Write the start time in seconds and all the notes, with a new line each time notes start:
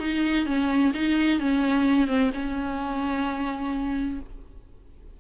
0.00 D#4
0.46 C#4
0.95 D#4
1.40 C#4
2.08 C4
2.34 C#4